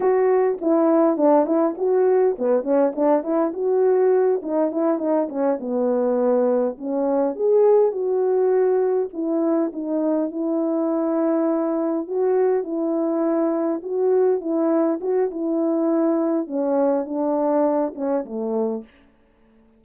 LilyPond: \new Staff \with { instrumentName = "horn" } { \time 4/4 \tempo 4 = 102 fis'4 e'4 d'8 e'8 fis'4 | b8 cis'8 d'8 e'8 fis'4. dis'8 | e'8 dis'8 cis'8 b2 cis'8~ | cis'8 gis'4 fis'2 e'8~ |
e'8 dis'4 e'2~ e'8~ | e'8 fis'4 e'2 fis'8~ | fis'8 e'4 fis'8 e'2 | cis'4 d'4. cis'8 a4 | }